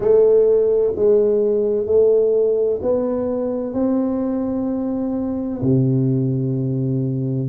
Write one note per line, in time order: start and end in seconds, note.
0.00 0.93 A3
0.95 1.86 G#3
1.86 2.80 A3
2.82 3.73 B3
3.73 5.60 C4
5.61 7.49 C3